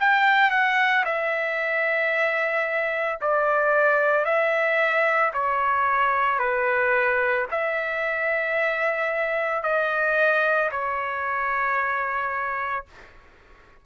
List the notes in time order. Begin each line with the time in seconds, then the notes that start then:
0.00 G5
0.51 F#5
1.06 E5
3.21 D5
4.25 E5
5.34 C#5
6.39 B4
7.51 E5
9.63 D#5
10.71 C#5